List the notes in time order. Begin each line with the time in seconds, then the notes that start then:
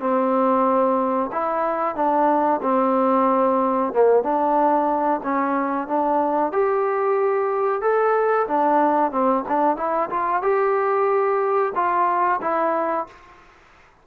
0.00 C4
1.32 E4
1.96 D4
2.62 C4
3.93 A#3
4.23 D4
5.24 C#4
5.87 D4
6.52 G4
7.81 A4
8.48 D4
9.11 C4
9.48 D4
9.77 E4
10.10 F4
10.42 G4
11.75 F4
12.42 E4